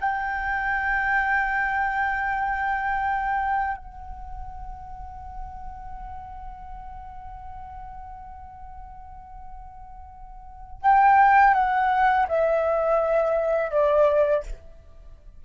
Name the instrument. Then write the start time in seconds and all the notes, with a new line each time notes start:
flute
0.00 G5
3.77 F#5
10.81 G5
11.54 F#5
12.28 E5
13.71 D5